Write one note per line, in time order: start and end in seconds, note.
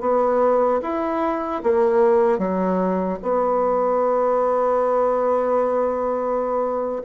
0.00 0.80 B3
0.82 1.62 E4
1.63 2.38 A#3
2.38 3.18 F#3
3.22 7.02 B3